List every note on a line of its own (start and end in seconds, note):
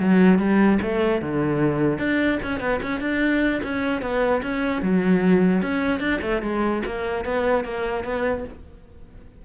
0.00 0.39 F#3
0.39 0.79 G3
0.82 1.22 A3
1.22 1.99 D3
1.99 2.39 D4
2.43 2.60 C#4
2.60 2.81 B3
2.83 3.01 C#4
3.01 3.61 D4
3.64 4.02 C#4
4.02 4.42 B3
4.43 4.82 C#4
4.82 5.62 F#3
5.62 6.01 C#4
6.01 6.21 D4
6.22 6.42 A3
6.42 6.83 G#3
6.86 7.25 A#3
7.25 7.65 B3
7.65 8.04 A#3
8.04 8.45 B3